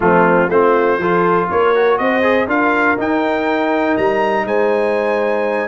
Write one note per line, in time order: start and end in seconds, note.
0.00 0.49 F3
0.00 0.48 A3
0.00 0.49 C4
0.00 0.50 F4
0.49 0.98 A3
0.49 1.01 C4
0.49 0.99 F4
0.49 1.49 C5
0.98 1.48 F3
0.98 1.75 F4
0.98 1.49 A4
1.50 1.99 A#3
1.50 2.00 A#4
1.50 1.98 C#5
1.75 2.22 F#4
1.98 2.47 C4
1.98 2.49 C5
1.98 2.47 D#5
2.22 2.47 G#4
2.47 2.96 D4
2.47 2.97 F4
2.47 4.46 A#4
2.47 2.98 F5
2.97 5.68 D#4
2.97 3.97 D#4
2.97 3.97 G5
3.97 4.45 G3
3.97 4.46 A#5
4.45 5.68 G#3
4.45 5.68 C5
4.45 5.68 G#5